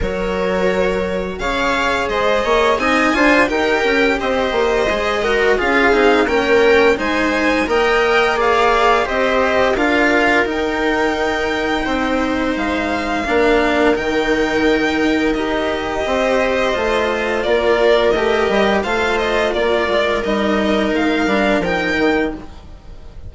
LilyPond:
<<
  \new Staff \with { instrumentName = "violin" } { \time 4/4 \tempo 4 = 86 cis''2 f''4 dis''4 | gis''4 g''4 dis''2 | f''4 g''4 gis''4 g''4 | f''4 dis''4 f''4 g''4~ |
g''2 f''2 | g''2 dis''2~ | dis''4 d''4 dis''4 f''8 dis''8 | d''4 dis''4 f''4 g''4 | }
  \new Staff \with { instrumentName = "viola" } { \time 4/4 ais'2 cis''4 c''8 cis''8 | dis''8 c''8 ais'4 c''4. ais'8 | gis'4 ais'4 c''4 dis''4 | d''4 c''4 ais'2~ |
ais'4 c''2 ais'4~ | ais'2. c''4~ | c''4 ais'2 c''4 | ais'1 | }
  \new Staff \with { instrumentName = "cello" } { \time 4/4 fis'2 gis'2 | dis'8 f'8 g'2 gis'8 fis'8 | f'8 dis'8 cis'4 dis'4 ais'4 | gis'4 g'4 f'4 dis'4~ |
dis'2. d'4 | dis'2 g'2 | f'2 g'4 f'4~ | f'4 dis'4. d'8 dis'4 | }
  \new Staff \with { instrumentName = "bassoon" } { \time 4/4 fis2 cis4 gis8 ais8 | c'8 d'8 dis'8 cis'8 c'8 ais8 gis4 | cis'8 c'8 ais4 gis4 ais4~ | ais4 c'4 d'4 dis'4~ |
dis'4 c'4 gis4 ais4 | dis2 dis'4 c'4 | a4 ais4 a8 g8 a4 | ais8 gis8 g4 gis8 g8 f8 dis8 | }
>>